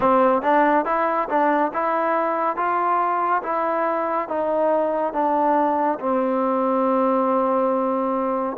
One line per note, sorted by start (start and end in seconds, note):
0.00 0.42 C4
0.42 0.85 D4
0.85 1.28 E4
1.29 1.71 D4
1.73 2.56 E4
2.56 3.42 F4
3.42 4.28 E4
4.28 5.13 D#4
5.13 5.98 D4
5.99 8.56 C4